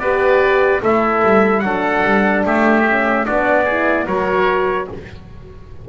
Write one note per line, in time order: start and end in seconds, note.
0.00 0.82 B3
0.00 0.82 G4
0.00 0.82 B4
0.00 0.81 D5
0.82 1.23 A3
0.82 1.64 E4
0.82 1.63 A4
0.82 1.60 E5
1.24 1.63 G3
1.60 2.03 F#3
1.60 2.87 D4
1.60 2.46 A4
1.60 2.42 F#5
2.04 2.45 G3
2.46 3.27 A3
2.46 3.27 G4
2.46 3.26 E5
2.87 3.26 C#4
3.26 4.07 B3
3.26 3.67 D4
3.26 3.65 F#4
3.26 4.07 D5
3.65 4.08 E4
3.65 4.05 G#4
4.07 4.88 F#3
4.07 4.90 F#4
4.07 4.88 A#4
4.07 4.89 C#5